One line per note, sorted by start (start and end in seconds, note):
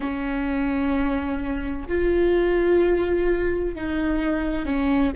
0.00 1.87 C#4
1.87 3.75 F4
3.75 4.65 D#4
4.65 5.12 C#4